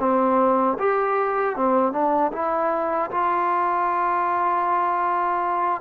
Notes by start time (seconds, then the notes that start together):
0.00 C4
0.79 G4
1.56 C4
1.93 D4
2.33 E4
3.11 F4